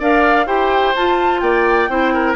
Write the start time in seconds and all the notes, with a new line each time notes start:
0.00 D4 A#4 D5 F5
0.47 E4 G4 C5 G5
0.96 F4 A5
1.40 A#3 D5 G5
1.89 C4 E4 C5
2.14 A#4